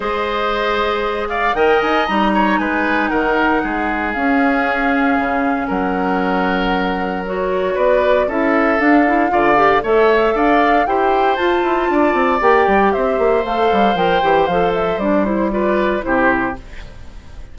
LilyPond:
<<
  \new Staff \with { instrumentName = "flute" } { \time 4/4 \tempo 4 = 116 dis''2~ dis''8 f''8 g''8 gis''8 | ais''4 gis''4 fis''2 | f''2. fis''4~ | fis''2 cis''4 d''4 |
e''4 f''2 e''4 | f''4 g''4 a''2 | g''4 e''4 f''4 g''4 | f''8 e''8 d''8 c''8 d''4 c''4 | }
  \new Staff \with { instrumentName = "oboe" } { \time 4/4 c''2~ c''8 d''8 dis''4~ | dis''8 cis''8 b'4 ais'4 gis'4~ | gis'2. ais'4~ | ais'2. b'4 |
a'2 d''4 cis''4 | d''4 c''2 d''4~ | d''4 c''2.~ | c''2 b'4 g'4 | }
  \new Staff \with { instrumentName = "clarinet" } { \time 4/4 gis'2. ais'4 | dis'1 | cis'1~ | cis'2 fis'2 |
e'4 d'8 e'8 f'8 g'8 a'4~ | a'4 g'4 f'2 | g'2 a'4 ais'8 g'8 | a'4 d'8 e'8 f'4 e'4 | }
  \new Staff \with { instrumentName = "bassoon" } { \time 4/4 gis2. dis8 dis'8 | g4 gis4 dis4 gis4 | cis'2 cis4 fis4~ | fis2. b4 |
cis'4 d'4 d4 a4 | d'4 e'4 f'8 e'8 d'8 c'8 | ais8 g8 c'8 ais8 a8 g8 f8 e8 | f4 g2 c4 | }
>>